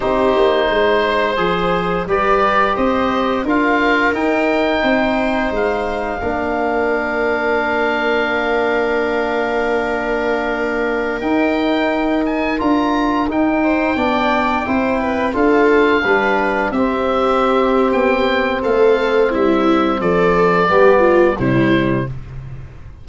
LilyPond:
<<
  \new Staff \with { instrumentName = "oboe" } { \time 4/4 \tempo 4 = 87 c''2. d''4 | dis''4 f''4 g''2 | f''1~ | f''1~ |
f''16 g''4. gis''8 ais''4 g''8.~ | g''2~ g''16 f''4.~ f''16~ | f''16 e''4.~ e''16 g''4 f''4 | e''4 d''2 c''4 | }
  \new Staff \with { instrumentName = "viola" } { \time 4/4 g'4 c''2 b'4 | c''4 ais'2 c''4~ | c''4 ais'2.~ | ais'1~ |
ais'2.~ ais'8. c''16~ | c''16 d''4 c''8 b'8 a'4 b'8.~ | b'16 g'2~ g'8. a'4 | e'4 a'4 g'8 f'8 e'4 | }
  \new Staff \with { instrumentName = "trombone" } { \time 4/4 dis'2 gis'4 g'4~ | g'4 f'4 dis'2~ | dis'4 d'2.~ | d'1~ |
d'16 dis'2 f'4 dis'8.~ | dis'16 d'4 e'4 f'4 d'8.~ | d'16 c'2.~ c'8.~ | c'2 b4 g4 | }
  \new Staff \with { instrumentName = "tuba" } { \time 4/4 c'8 ais8 gis4 f4 g4 | c'4 d'4 dis'4 c'4 | gis4 ais2.~ | ais1~ |
ais16 dis'2 d'4 dis'8.~ | dis'16 b4 c'4 d'4 g8.~ | g16 c'4.~ c'16 b4 a4 | g4 f4 g4 c4 | }
>>